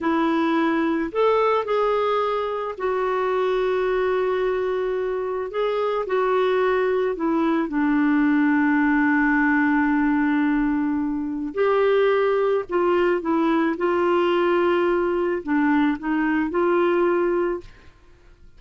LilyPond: \new Staff \with { instrumentName = "clarinet" } { \time 4/4 \tempo 4 = 109 e'2 a'4 gis'4~ | gis'4 fis'2.~ | fis'2 gis'4 fis'4~ | fis'4 e'4 d'2~ |
d'1~ | d'4 g'2 f'4 | e'4 f'2. | d'4 dis'4 f'2 | }